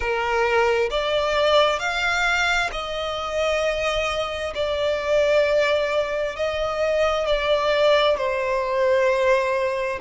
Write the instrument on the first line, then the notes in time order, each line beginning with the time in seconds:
violin
0.00 A#4
0.90 D5
1.79 F5
2.71 D#5
4.55 D5
6.36 D#5
7.26 D5
8.17 C5